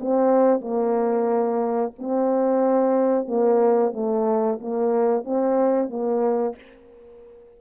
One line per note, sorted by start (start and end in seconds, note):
0.00 0.60 C4
0.60 1.92 A#3
1.98 3.27 C4
3.27 3.93 A#3
3.93 4.59 A3
4.60 5.24 A#3
5.24 5.89 C4
5.89 6.55 A#3